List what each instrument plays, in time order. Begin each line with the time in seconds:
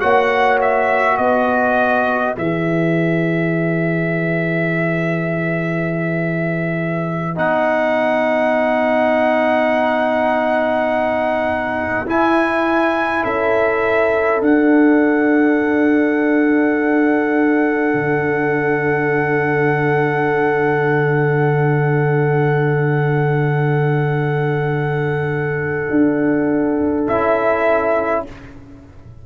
0.00 tuba A#3, trombone F#4, horn C#5, trumpet F#5
0.62 trumpet E5
1.17 tuba B3, horn B4, trumpet D#5
2.36 tuba E3, trombone G#4, trumpet E5
7.36 tuba B3, trombone D#4, trumpet F#5
12.06 tuba E4, trombone E4, trumpet G#5
13.23 tuba C#4, horn A4, trumpet E5
14.41 tuba D4, trombone D4, trumpet F#5
17.94 tuba D3
25.90 tuba D4
27.08 tuba C#4, trombone E4, trumpet E5